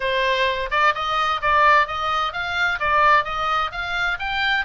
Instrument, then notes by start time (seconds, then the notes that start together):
oboe
0.00 C5
0.70 D5
0.95 D#5
1.41 D5
1.87 D#5
2.32 F5
2.79 D5
3.24 D#5
3.71 F5
4.19 G5